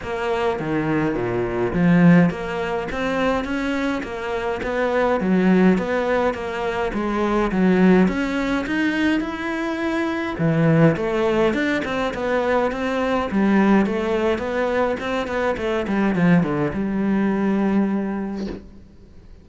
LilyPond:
\new Staff \with { instrumentName = "cello" } { \time 4/4 \tempo 4 = 104 ais4 dis4 ais,4 f4 | ais4 c'4 cis'4 ais4 | b4 fis4 b4 ais4 | gis4 fis4 cis'4 dis'4 |
e'2 e4 a4 | d'8 c'8 b4 c'4 g4 | a4 b4 c'8 b8 a8 g8 | f8 d8 g2. | }